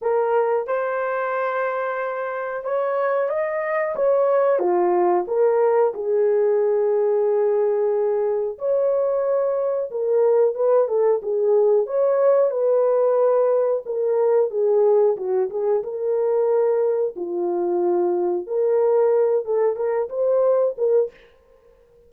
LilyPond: \new Staff \with { instrumentName = "horn" } { \time 4/4 \tempo 4 = 91 ais'4 c''2. | cis''4 dis''4 cis''4 f'4 | ais'4 gis'2.~ | gis'4 cis''2 ais'4 |
b'8 a'8 gis'4 cis''4 b'4~ | b'4 ais'4 gis'4 fis'8 gis'8 | ais'2 f'2 | ais'4. a'8 ais'8 c''4 ais'8 | }